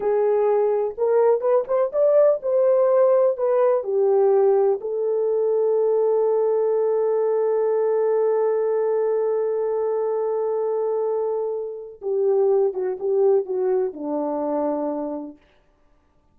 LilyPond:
\new Staff \with { instrumentName = "horn" } { \time 4/4 \tempo 4 = 125 gis'2 ais'4 b'8 c''8 | d''4 c''2 b'4 | g'2 a'2~ | a'1~ |
a'1~ | a'1~ | a'4 g'4. fis'8 g'4 | fis'4 d'2. | }